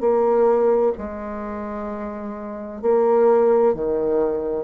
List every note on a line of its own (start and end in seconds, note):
0.00 0.92 A#3
0.98 2.82 G#3
2.82 3.74 A#3
3.74 4.64 D#3